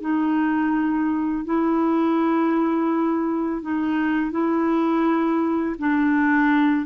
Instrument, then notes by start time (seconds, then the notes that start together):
clarinet
0.00 D#4
1.45 E4
3.61 D#4
4.31 E4
5.78 D4